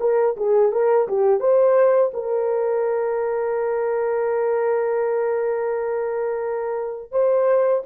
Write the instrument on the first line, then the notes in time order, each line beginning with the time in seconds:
horn
0.00 A#4
0.37 G#4
0.72 A#4
1.08 G4
1.40 C5
2.14 A#4
7.12 C5